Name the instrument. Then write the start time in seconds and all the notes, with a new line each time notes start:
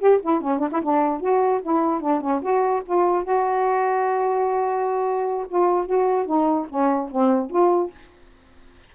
saxophone
0.00 G4
0.22 E4
0.41 C#4
0.59 D4
0.72 E4
0.82 D4
1.21 F#4
1.62 E4
2.01 D4
2.21 C#4
2.42 F#4
2.86 F4
3.24 F#4
5.48 F4
5.86 F#4
6.26 D#4
6.69 C#4
7.11 C4
7.50 F4